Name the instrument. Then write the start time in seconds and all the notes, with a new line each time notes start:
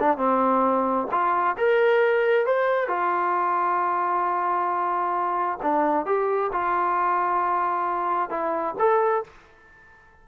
trombone
0.00 D4
0.18 C4
1.12 F4
1.58 A#4
2.47 C5
2.88 F4
5.62 D4
6.06 G4
6.52 F4
8.30 E4
8.79 A4